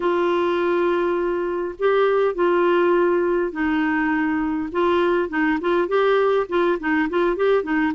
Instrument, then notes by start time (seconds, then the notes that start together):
clarinet
0.00 F4
1.79 G4
2.34 F4
3.52 D#4
4.72 F4
5.29 D#4
5.60 F4
5.88 G4
6.49 F4
6.79 D#4
7.09 F4
7.36 G4
7.63 D#4